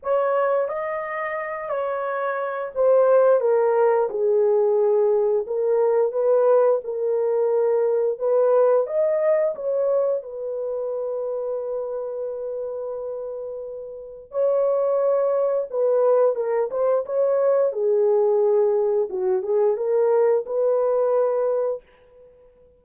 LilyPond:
\new Staff \with { instrumentName = "horn" } { \time 4/4 \tempo 4 = 88 cis''4 dis''4. cis''4. | c''4 ais'4 gis'2 | ais'4 b'4 ais'2 | b'4 dis''4 cis''4 b'4~ |
b'1~ | b'4 cis''2 b'4 | ais'8 c''8 cis''4 gis'2 | fis'8 gis'8 ais'4 b'2 | }